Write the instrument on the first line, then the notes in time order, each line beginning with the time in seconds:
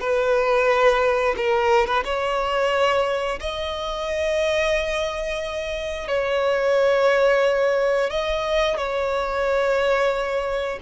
violin
0.00 B4
1.37 A#4
1.87 B4
2.05 C#5
3.40 D#5
6.08 C#5
8.10 D#5
8.77 C#5